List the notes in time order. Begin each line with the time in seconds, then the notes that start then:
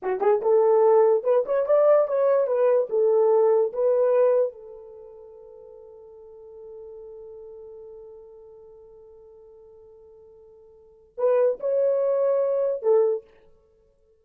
0.02 F#4
0.20 G#4
0.41 A4
1.23 B4
1.45 C#5
1.66 D5
2.07 C#5
2.46 B4
2.89 A4
3.72 B4
4.52 A4
11.17 B4
11.60 C#5
12.82 A4